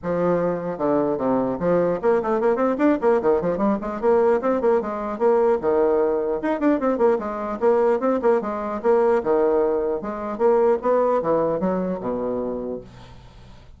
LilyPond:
\new Staff \with { instrumentName = "bassoon" } { \time 4/4 \tempo 4 = 150 f2 d4 c4 | f4 ais8 a8 ais8 c'8 d'8 ais8 | dis8 f8 g8 gis8 ais4 c'8 ais8 | gis4 ais4 dis2 |
dis'8 d'8 c'8 ais8 gis4 ais4 | c'8 ais8 gis4 ais4 dis4~ | dis4 gis4 ais4 b4 | e4 fis4 b,2 | }